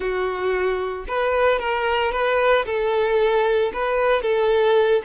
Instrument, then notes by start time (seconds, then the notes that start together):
violin
0.00 F#4
1.07 B4
1.59 A#4
2.12 B4
2.65 A4
3.73 B4
4.22 A4